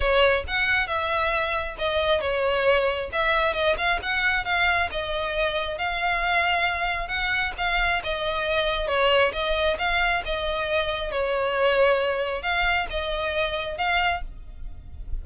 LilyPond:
\new Staff \with { instrumentName = "violin" } { \time 4/4 \tempo 4 = 135 cis''4 fis''4 e''2 | dis''4 cis''2 e''4 | dis''8 f''8 fis''4 f''4 dis''4~ | dis''4 f''2. |
fis''4 f''4 dis''2 | cis''4 dis''4 f''4 dis''4~ | dis''4 cis''2. | f''4 dis''2 f''4 | }